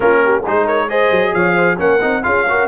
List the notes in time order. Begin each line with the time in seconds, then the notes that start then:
0.00 A#3 C#4 F4 A#4
0.24 G4
0.44 G#3 D#4 G#4 C5
0.64 A#4 C#5
0.89 G#4 C5 D#5
1.10 F#3
1.34 F3 C#5 F5
1.55 C5
1.77 A#3 C#4 A#4 F#5
2.01 C4 D#4
2.22 C#4 F4 G#4 F5
2.48 F#4 A#4